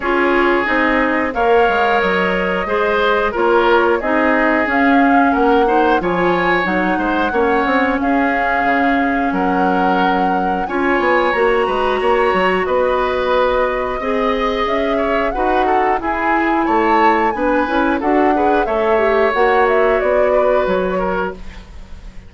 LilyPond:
<<
  \new Staff \with { instrumentName = "flute" } { \time 4/4 \tempo 4 = 90 cis''4 dis''4 f''4 dis''4~ | dis''4 cis''4 dis''4 f''4 | fis''4 gis''4 fis''2 | f''2 fis''2 |
gis''4 ais''2 dis''4~ | dis''2 e''4 fis''4 | gis''4 a''4 gis''4 fis''4 | e''4 fis''8 e''8 d''4 cis''4 | }
  \new Staff \with { instrumentName = "oboe" } { \time 4/4 gis'2 cis''2 | c''4 ais'4 gis'2 | ais'8 c''8 cis''4. c''8 cis''4 | gis'2 ais'2 |
cis''4. b'8 cis''4 b'4~ | b'4 dis''4. cis''8 b'8 a'8 | gis'4 cis''4 b'4 a'8 b'8 | cis''2~ cis''8 b'4 ais'8 | }
  \new Staff \with { instrumentName = "clarinet" } { \time 4/4 f'4 dis'4 ais'2 | gis'4 f'4 dis'4 cis'4~ | cis'8 dis'8 f'4 dis'4 cis'4~ | cis'1 |
f'4 fis'2.~ | fis'4 gis'2 fis'4 | e'2 d'8 e'8 fis'8 gis'8 | a'8 g'8 fis'2. | }
  \new Staff \with { instrumentName = "bassoon" } { \time 4/4 cis'4 c'4 ais8 gis8 fis4 | gis4 ais4 c'4 cis'4 | ais4 f4 fis8 gis8 ais8 c'8 | cis'4 cis4 fis2 |
cis'8 b8 ais8 gis8 ais8 fis8 b4~ | b4 c'4 cis'4 dis'4 | e'4 a4 b8 cis'8 d'4 | a4 ais4 b4 fis4 | }
>>